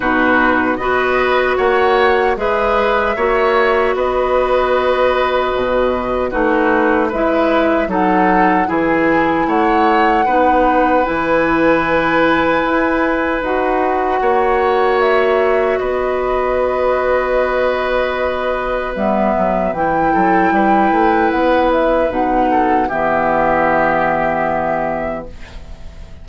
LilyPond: <<
  \new Staff \with { instrumentName = "flute" } { \time 4/4 \tempo 4 = 76 b'4 dis''4 fis''4 e''4~ | e''4 dis''2. | b'4 e''4 fis''4 gis''4 | fis''2 gis''2~ |
gis''4 fis''2 e''4 | dis''1 | e''4 g''2 fis''8 e''8 | fis''4 e''2. | }
  \new Staff \with { instrumentName = "oboe" } { \time 4/4 fis'4 b'4 cis''4 b'4 | cis''4 b'2. | fis'4 b'4 a'4 gis'4 | cis''4 b'2.~ |
b'2 cis''2 | b'1~ | b'4. a'8 b'2~ | b'8 a'8 g'2. | }
  \new Staff \with { instrumentName = "clarinet" } { \time 4/4 dis'4 fis'2 gis'4 | fis'1 | dis'4 e'4 dis'4 e'4~ | e'4 dis'4 e'2~ |
e'4 fis'2.~ | fis'1 | b4 e'2. | dis'4 b2. | }
  \new Staff \with { instrumentName = "bassoon" } { \time 4/4 b,4 b4 ais4 gis4 | ais4 b2 b,4 | a4 gis4 fis4 e4 | a4 b4 e2 |
e'4 dis'4 ais2 | b1 | g8 fis8 e8 fis8 g8 a8 b4 | b,4 e2. | }
>>